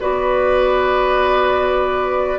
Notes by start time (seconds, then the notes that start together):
0.00 B3 F#4 B4 D5